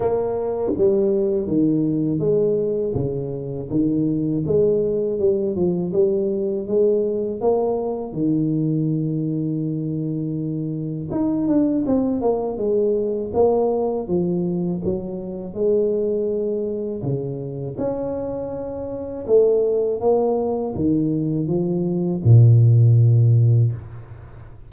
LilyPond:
\new Staff \with { instrumentName = "tuba" } { \time 4/4 \tempo 4 = 81 ais4 g4 dis4 gis4 | cis4 dis4 gis4 g8 f8 | g4 gis4 ais4 dis4~ | dis2. dis'8 d'8 |
c'8 ais8 gis4 ais4 f4 | fis4 gis2 cis4 | cis'2 a4 ais4 | dis4 f4 ais,2 | }